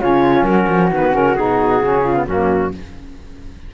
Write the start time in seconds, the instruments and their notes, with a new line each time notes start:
0.00 cello C#3, saxophone C#4, flute F4, clarinet C#5
0.42 cello F#3, flute F#4, clarinet A#4
0.68 cello F3
0.91 cello D#3, saxophone B3, clarinet B4
1.12 cello C#3, saxophone C#4, clarinet A#4
1.35 cello B2, saxophone D#4, clarinet G#4
1.81 cello C#3, saxophone C#4
2.03 flute F4
2.14 saxophone B3
2.26 cello F#2, saxophone A#3, flute C#4, clarinet F#4